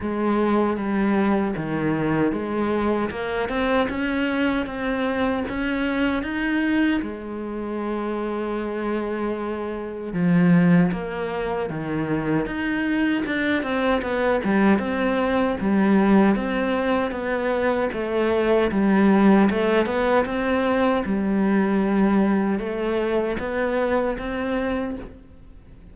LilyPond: \new Staff \with { instrumentName = "cello" } { \time 4/4 \tempo 4 = 77 gis4 g4 dis4 gis4 | ais8 c'8 cis'4 c'4 cis'4 | dis'4 gis2.~ | gis4 f4 ais4 dis4 |
dis'4 d'8 c'8 b8 g8 c'4 | g4 c'4 b4 a4 | g4 a8 b8 c'4 g4~ | g4 a4 b4 c'4 | }